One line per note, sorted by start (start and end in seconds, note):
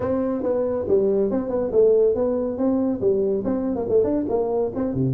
0.00 0.42 C4
0.42 0.85 B3
0.87 1.30 G3
1.30 1.49 C4
1.49 1.70 B3
1.71 2.14 A3
2.14 2.57 B3
2.57 3.00 C4
3.01 3.43 G3
3.44 3.75 C4
3.75 3.86 A#3
3.88 4.03 A3
4.03 4.25 D4
4.29 4.71 A#3
4.75 4.94 C4
4.94 5.14 C3